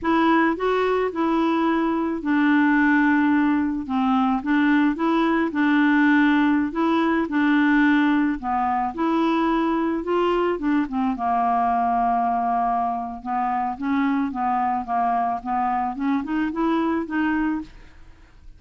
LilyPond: \new Staff \with { instrumentName = "clarinet" } { \time 4/4 \tempo 4 = 109 e'4 fis'4 e'2 | d'2. c'4 | d'4 e'4 d'2~ | d'16 e'4 d'2 b8.~ |
b16 e'2 f'4 d'8 c'16~ | c'16 ais2.~ ais8. | b4 cis'4 b4 ais4 | b4 cis'8 dis'8 e'4 dis'4 | }